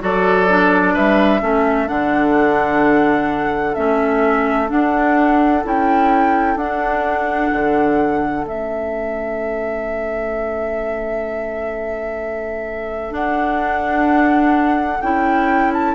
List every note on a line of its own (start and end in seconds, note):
0.00 0.95 F#3
0.00 0.47 F#4
0.00 0.93 A4
0.00 0.96 D5
0.49 1.41 D4
0.93 1.42 G3
0.93 1.40 B4
0.93 1.88 E5
1.41 1.88 A3
1.41 1.86 C#4
1.41 15.94 A4
1.86 3.76 D3
1.86 3.74 D4
1.86 3.74 F#5
3.74 4.70 A3
3.74 4.68 C#4
3.74 4.68 E5
4.68 5.61 D4
4.68 5.64 D4
4.68 5.63 F#5
5.63 6.56 C#4
5.63 6.57 E4
5.63 6.57 G5
6.56 7.49 D4
6.56 8.46 D4
6.56 8.45 F#5
7.52 8.45 D3
8.45 13.12 A3
8.45 13.10 C#4
8.45 13.14 E5
13.10 14.98 D4
13.10 14.99 D4
13.10 15.01 F#5
15.01 15.94 C#4
15.01 15.94 E4
15.01 15.71 G5
15.73 15.94 A5